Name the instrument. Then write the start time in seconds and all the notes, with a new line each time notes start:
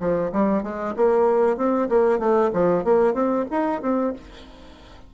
bassoon
0.00 F3
0.32 G3
0.63 G#3
0.96 A#3
1.57 C4
1.89 A#3
2.19 A3
2.53 F3
2.84 A#3
3.14 C4
3.51 D#4
3.82 C4